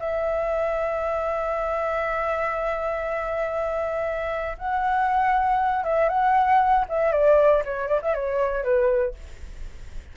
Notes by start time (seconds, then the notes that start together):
0.00 E5
4.59 F#5
5.85 E5
6.09 F#5
6.89 E5
7.13 D5
7.65 C#5
7.88 D5
8.02 E5
8.14 C#5
8.64 B4